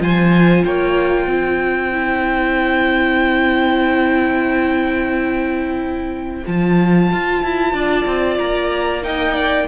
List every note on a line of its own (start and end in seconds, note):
0.00 0.65 F3
0.00 1.93 F4
0.00 0.65 C5
0.00 0.65 G#5
0.65 1.27 A#3
0.65 1.29 C#5
0.65 6.46 G5
1.27 6.43 C4
1.27 7.74 C5
1.93 6.44 E4
6.46 7.12 F3
6.46 9.03 F4
6.46 8.38 A5
7.12 7.43 F4
7.43 7.73 E4
7.73 8.06 D4
7.73 9.03 D5
8.06 8.39 C4
8.38 9.68 A#3
8.38 9.03 A#5
9.03 9.67 D#4
9.03 9.35 D#5
9.03 9.68 G5
9.35 9.67 D5